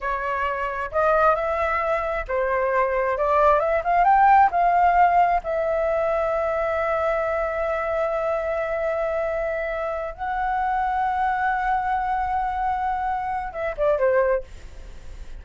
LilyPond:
\new Staff \with { instrumentName = "flute" } { \time 4/4 \tempo 4 = 133 cis''2 dis''4 e''4~ | e''4 c''2 d''4 | e''8 f''8 g''4 f''2 | e''1~ |
e''1~ | e''2~ e''8 fis''4.~ | fis''1~ | fis''2 e''8 d''8 c''4 | }